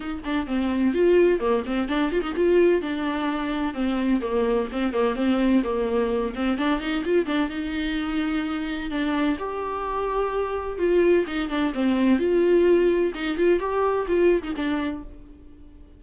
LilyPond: \new Staff \with { instrumentName = "viola" } { \time 4/4 \tempo 4 = 128 dis'8 d'8 c'4 f'4 ais8 c'8 | d'8 f'16 dis'16 f'4 d'2 | c'4 ais4 c'8 ais8 c'4 | ais4. c'8 d'8 dis'8 f'8 d'8 |
dis'2. d'4 | g'2. f'4 | dis'8 d'8 c'4 f'2 | dis'8 f'8 g'4 f'8. dis'16 d'4 | }